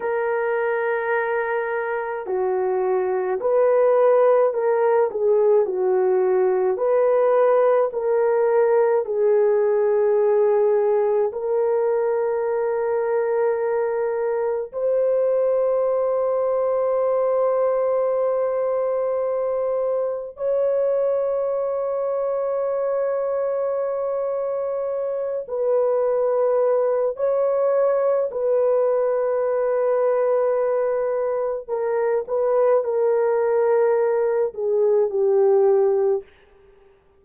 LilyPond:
\new Staff \with { instrumentName = "horn" } { \time 4/4 \tempo 4 = 53 ais'2 fis'4 b'4 | ais'8 gis'8 fis'4 b'4 ais'4 | gis'2 ais'2~ | ais'4 c''2.~ |
c''2 cis''2~ | cis''2~ cis''8 b'4. | cis''4 b'2. | ais'8 b'8 ais'4. gis'8 g'4 | }